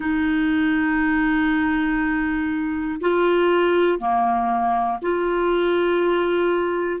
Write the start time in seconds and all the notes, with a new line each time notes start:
0.00 D#4
3.00 F4
3.99 A#3
5.01 F4